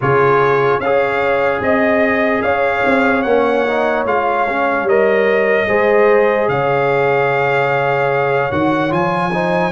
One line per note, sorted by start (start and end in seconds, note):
0.01 0.79 C#3
0.01 0.82 F4
0.01 0.82 G#4
0.01 0.80 C#5
0.79 1.60 C#4
0.79 3.26 G#4
0.79 1.63 C#5
0.79 1.61 F5
1.60 2.41 C4
1.60 2.42 D#5
1.60 2.44 D#5
2.42 2.82 C#4
2.42 5.68 C#5
2.42 3.22 F5
2.85 3.24 C4
3.22 4.05 A#3
3.22 3.66 C#4
3.22 4.03 F#5
3.67 4.07 D#4
4.05 4.83 G#3
4.05 4.47 F4
4.05 4.88 F5
4.49 4.88 C#4
4.83 5.64 G3
4.83 5.67 A#4
4.83 6.48 D#5
5.67 6.48 G#3
5.67 8.51 G#4
5.67 6.49 C5
6.48 8.51 C#3
6.48 9.33 C#5
6.48 8.51 F5
8.51 8.92 D#3
8.51 8.89 F#4
8.51 8.92 F#5
8.89 9.72 F3
8.89 9.30 F4
8.89 9.72 G#5
9.33 9.72 D#4
9.33 9.72 C5